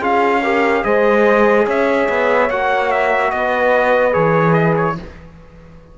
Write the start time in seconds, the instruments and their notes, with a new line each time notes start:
0.00 cello C#4, trombone F4, horn G#4, trumpet F5
0.44 trombone G4, horn A#4
0.84 cello G#3, trombone G#4, horn C5, trumpet D#5
1.66 cello C#4, horn C#5, trumpet E5
2.09 cello B3
2.50 cello A#3, trombone F#4, trumpet F#5
2.91 trumpet E5
3.32 cello B3, horn B4, trumpet D#5
4.13 cello E3, trombone G#4, trumpet C#5
4.53 trumpet D#5
4.77 trumpet C#5